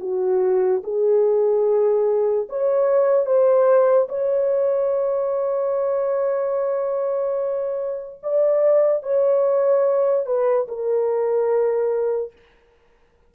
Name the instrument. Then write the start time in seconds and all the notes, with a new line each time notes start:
horn
0.00 F#4
0.84 G#4
2.49 C#5
3.26 C5
4.09 C#5
8.23 D5
9.03 C#5
10.26 B4
10.68 A#4